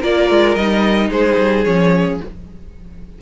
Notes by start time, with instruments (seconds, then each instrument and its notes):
0.00 cello A#3, viola F4, violin A#4 D5
0.31 cello G#3
0.56 cello G3, viola D#4, violin D#5
1.10 cello G#3, violin G#4 C5
1.38 cello G3
1.64 cello F3, viola C#4, violin C#5